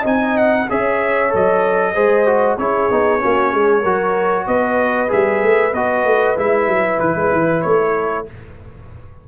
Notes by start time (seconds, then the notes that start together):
0.00 C4 D#4 D#5
0.06 G#5
0.37 F#5
0.69 C#4 G#4 C#5 E5
1.29 F#3 A4 D#5
1.94 G#3 G#4 C5
2.26 F#4
2.57 C#4 E4 G#4 C#5
2.90 B3 D#4
3.19 A#3 C#4 F#4
3.52 G#3 G#4
3.81 F#3 F#4 A#4
4.46 B3 B4 D#5
5.08 G3 G#4 E5
5.42 A3
5.73 B3 F#4 D#5
6.04 A3
6.36 G#3 E4 E5
6.67 F#3
6.99 E3 B4
7.15 G#3
7.32 E3
7.61 A3 C#5
7.94 A4